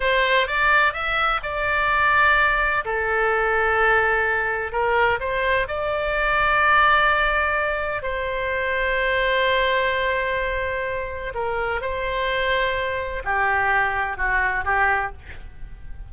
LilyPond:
\new Staff \with { instrumentName = "oboe" } { \time 4/4 \tempo 4 = 127 c''4 d''4 e''4 d''4~ | d''2 a'2~ | a'2 ais'4 c''4 | d''1~ |
d''4 c''2.~ | c''1 | ais'4 c''2. | g'2 fis'4 g'4 | }